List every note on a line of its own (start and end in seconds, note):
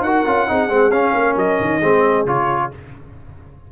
0.00 0.22 D#4
0.00 0.26 F#4
0.00 0.49 A#4
0.00 0.91 F#5
0.26 0.49 C#4
0.26 0.47 F4
0.47 0.69 C4
0.47 0.69 D#4
0.47 1.15 G#4
0.69 0.90 G#3
0.69 0.91 C4
0.90 1.12 C#4
0.90 1.81 C#4
0.90 1.36 F5
1.13 1.35 A#3
1.13 1.78 A#4
1.36 1.58 F#3
1.36 2.26 D#5
1.60 1.82 D#3
1.78 2.26 G#3
1.78 2.26 C4
1.78 2.67 G#4
2.26 2.70 C#3
2.26 2.71 F4
2.26 2.71 C#5